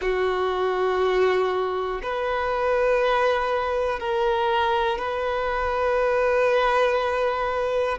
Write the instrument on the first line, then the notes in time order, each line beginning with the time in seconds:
violin
0.01 F#4
2.02 B4
3.99 A#4
4.98 B4